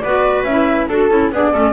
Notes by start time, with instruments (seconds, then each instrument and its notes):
0.00 double bass B3, clarinet F#4, viola B4, flute D5
0.44 double bass C#4, clarinet E4, flute E5
0.89 double bass D4, clarinet F#4, flute A4, viola A4
1.10 double bass C#4, clarinet E4
1.32 double bass B3, clarinet D4, viola G#4, flute D5
1.53 double bass A3, clarinet C#4, viola A4